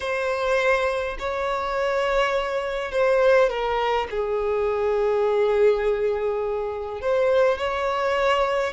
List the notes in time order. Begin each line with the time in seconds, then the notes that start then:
0.00 C5
1.18 C#5
2.91 C5
3.49 A#4
4.10 G#4
7.01 C5
7.58 C#5